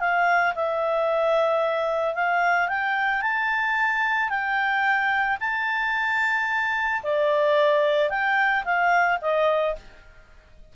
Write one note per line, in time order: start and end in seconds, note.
0.00 0.54 F5
0.55 2.15 E5
2.15 2.68 F5
2.68 3.22 G5
3.22 4.29 A5
4.29 5.38 G5
5.40 7.02 A5
7.03 8.10 D5
8.10 8.64 G5
8.65 9.19 F5
9.21 9.75 D#5